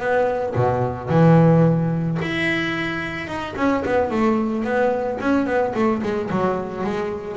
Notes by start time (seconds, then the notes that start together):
0.00 B3
0.55 B2
1.09 E3
2.22 E4
3.28 D#4
3.56 C#4
3.86 B3
4.11 A3
4.64 B3
5.20 C#4
5.46 B3
5.75 A3
6.02 G#3
6.30 F#3
6.84 G#3